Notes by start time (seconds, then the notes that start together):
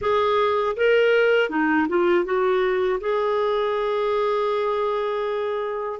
0.01 G#4
0.76 A#4
1.49 D#4
1.88 F4
2.24 F#4
3.00 G#4